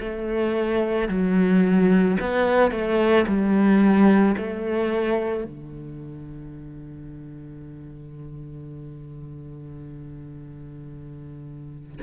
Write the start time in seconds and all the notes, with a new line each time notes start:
0.00 A3
1.09 F#3
2.20 B3
2.71 A3
3.27 G3
4.37 A3
5.44 D3